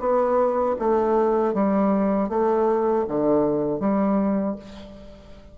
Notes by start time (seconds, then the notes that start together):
0.00 B3
0.79 A3
1.54 G3
2.29 A3
3.08 D3
3.80 G3